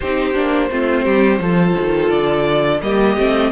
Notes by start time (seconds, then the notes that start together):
0.00 C4 D#4 G4 C5
0.34 A#3 D4
0.70 A3 C4 F4
1.03 G3 G4
1.39 F3 F4 A4
1.79 D#3
2.10 D3 D5
2.81 G3 A#3 G4 D#5
3.16 A3 C4